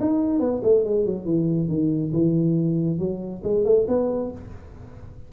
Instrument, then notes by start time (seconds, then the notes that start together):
tuba
0.00 D#4
0.39 B3
0.63 A3
0.84 G#3
1.06 F#3
1.25 E3
1.69 D#3
2.13 E3
2.99 F#3
3.43 G#3
3.65 A3
3.88 B3